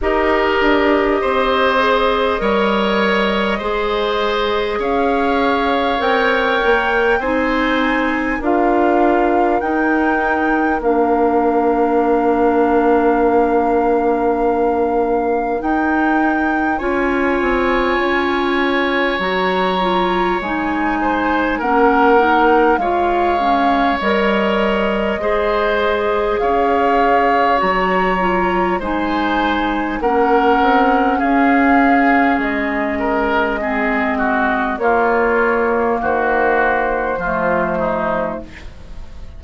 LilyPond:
<<
  \new Staff \with { instrumentName = "flute" } { \time 4/4 \tempo 4 = 50 dis''1 | f''4 g''4 gis''4 f''4 | g''4 f''2.~ | f''4 g''4 gis''2 |
ais''4 gis''4 fis''4 f''4 | dis''2 f''4 ais''4 | gis''4 fis''4 f''4 dis''4~ | dis''4 cis''4 c''2 | }
  \new Staff \with { instrumentName = "oboe" } { \time 4/4 ais'4 c''4 cis''4 c''4 | cis''2 c''4 ais'4~ | ais'1~ | ais'2 cis''2~ |
cis''4. c''8 ais'4 cis''4~ | cis''4 c''4 cis''2 | c''4 ais'4 gis'4. ais'8 | gis'8 fis'8 f'4 fis'4 f'8 dis'8 | }
  \new Staff \with { instrumentName = "clarinet" } { \time 4/4 g'4. gis'8 ais'4 gis'4~ | gis'4 ais'4 dis'4 f'4 | dis'4 d'2.~ | d'4 dis'4 f'2 |
fis'8 f'8 dis'4 cis'8 dis'8 f'8 cis'8 | ais'4 gis'2 fis'8 f'8 | dis'4 cis'2. | c'4 ais2 a4 | }
  \new Staff \with { instrumentName = "bassoon" } { \time 4/4 dis'8 d'8 c'4 g4 gis4 | cis'4 c'8 ais8 c'4 d'4 | dis'4 ais2.~ | ais4 dis'4 cis'8 c'8 cis'4 |
fis4 gis4 ais4 gis4 | g4 gis4 cis'4 fis4 | gis4 ais8 c'8 cis'4 gis4~ | gis4 ais4 dis4 f4 | }
>>